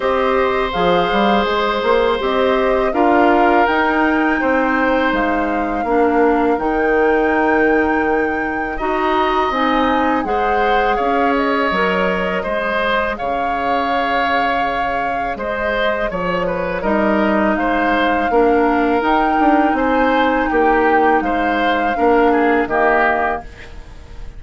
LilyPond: <<
  \new Staff \with { instrumentName = "flute" } { \time 4/4 \tempo 4 = 82 dis''4 f''4 c''4 dis''4 | f''4 g''2 f''4~ | f''4 g''2. | ais''4 gis''4 fis''4 f''8 dis''8~ |
dis''2 f''2~ | f''4 dis''4 cis''4 dis''4 | f''2 g''4 gis''4 | g''4 f''2 dis''4 | }
  \new Staff \with { instrumentName = "oboe" } { \time 4/4 c''1 | ais'2 c''2 | ais'1 | dis''2 c''4 cis''4~ |
cis''4 c''4 cis''2~ | cis''4 c''4 cis''8 b'8 ais'4 | c''4 ais'2 c''4 | g'4 c''4 ais'8 gis'8 g'4 | }
  \new Staff \with { instrumentName = "clarinet" } { \time 4/4 g'4 gis'2 g'4 | f'4 dis'2. | d'4 dis'2. | fis'4 dis'4 gis'2 |
ais'4 gis'2.~ | gis'2. dis'4~ | dis'4 d'4 dis'2~ | dis'2 d'4 ais4 | }
  \new Staff \with { instrumentName = "bassoon" } { \time 4/4 c'4 f8 g8 gis8 ais8 c'4 | d'4 dis'4 c'4 gis4 | ais4 dis2. | dis'4 c'4 gis4 cis'4 |
fis4 gis4 cis2~ | cis4 gis4 f4 g4 | gis4 ais4 dis'8 d'8 c'4 | ais4 gis4 ais4 dis4 | }
>>